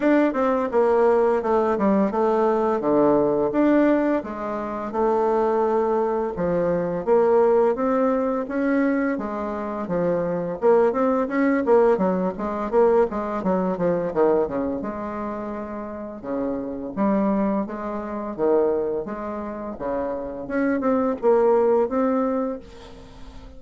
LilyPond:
\new Staff \with { instrumentName = "bassoon" } { \time 4/4 \tempo 4 = 85 d'8 c'8 ais4 a8 g8 a4 | d4 d'4 gis4 a4~ | a4 f4 ais4 c'4 | cis'4 gis4 f4 ais8 c'8 |
cis'8 ais8 fis8 gis8 ais8 gis8 fis8 f8 | dis8 cis8 gis2 cis4 | g4 gis4 dis4 gis4 | cis4 cis'8 c'8 ais4 c'4 | }